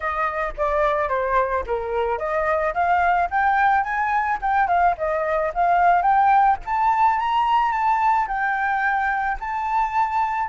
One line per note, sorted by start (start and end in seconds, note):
0.00 0.54 D#5
0.57 1.09 D5
1.09 1.64 C5
1.66 2.18 A#4
2.18 2.73 D#5
2.74 3.29 F5
3.30 3.83 G5
3.83 4.38 G#5
4.41 4.67 G5
4.67 4.95 F5
4.97 5.52 D#5
5.54 6.02 F5
6.02 6.57 G5
6.65 7.19 A5
7.19 7.72 A#5
7.72 8.27 A5
8.27 9.37 G5
9.40 10.49 A5